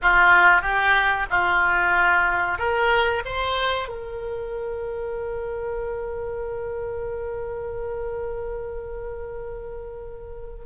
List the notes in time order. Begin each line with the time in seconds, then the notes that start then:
0.01 F4
0.61 G4
1.30 F4
2.58 A#4
3.25 C5
3.88 A#4